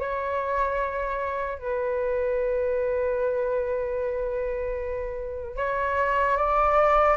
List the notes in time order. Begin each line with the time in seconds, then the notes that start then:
0.00 C#5
1.59 B4
5.57 C#5
6.37 D5